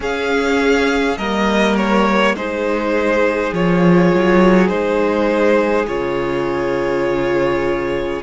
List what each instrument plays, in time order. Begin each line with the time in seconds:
0.00 cello C#4, viola C#4, violin G#4 F5
1.17 cello G3, viola A#3, violin A#4 D#5
1.76 violin C#5
2.33 cello G#3, viola D#4, violin G#4 C5
3.52 cello F3, viola F4, violin C#5
4.14 cello F#3
4.67 cello G#3, viola D#4, violin C5
5.87 cello C#3, viola F4, violin C#5